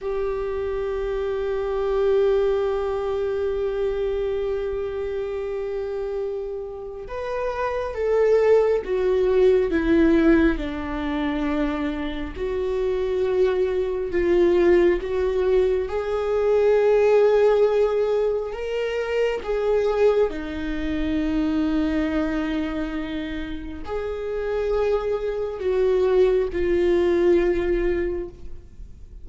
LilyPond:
\new Staff \with { instrumentName = "viola" } { \time 4/4 \tempo 4 = 68 g'1~ | g'1 | b'4 a'4 fis'4 e'4 | d'2 fis'2 |
f'4 fis'4 gis'2~ | gis'4 ais'4 gis'4 dis'4~ | dis'2. gis'4~ | gis'4 fis'4 f'2 | }